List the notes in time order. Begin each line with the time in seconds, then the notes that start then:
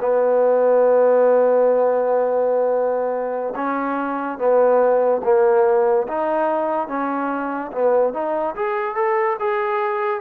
0.00 B3
3.56 C#4
4.39 B3
5.24 A#3
6.08 D#4
6.88 C#4
7.73 B3
8.14 D#4
8.56 G#4
8.95 A4
9.40 G#4